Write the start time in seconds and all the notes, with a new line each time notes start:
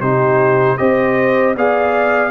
0.00 C3 D#4 G4 C5
0.77 C4 G4 C5 D#5
1.55 B3 G#4 D5 F5